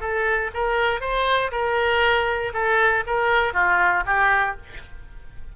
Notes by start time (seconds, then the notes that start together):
0.00 A4
0.54 A#4
1.01 C5
1.51 A#4
2.53 A4
3.07 A#4
3.53 F4
4.06 G4